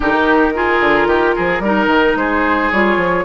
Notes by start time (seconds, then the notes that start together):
0.00 D#3 D#4 G4 A#4
0.54 F4 G#4
0.80 D3
1.06 D#3 G4
1.35 F3 G#4
1.59 G3 D#4 A#4
1.86 D#3
2.15 G#3 G#4 C5
2.71 G3 F4 C#5
2.97 F3